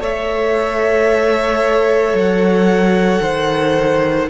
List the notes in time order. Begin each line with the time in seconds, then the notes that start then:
0.00 A3 A4 C#5 E5
2.14 F#3 F#5
3.22 D#3 C5